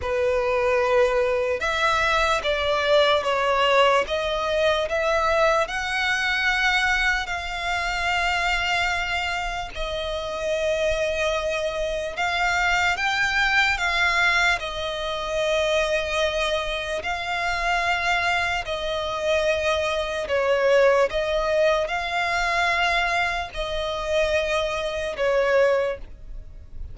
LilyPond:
\new Staff \with { instrumentName = "violin" } { \time 4/4 \tempo 4 = 74 b'2 e''4 d''4 | cis''4 dis''4 e''4 fis''4~ | fis''4 f''2. | dis''2. f''4 |
g''4 f''4 dis''2~ | dis''4 f''2 dis''4~ | dis''4 cis''4 dis''4 f''4~ | f''4 dis''2 cis''4 | }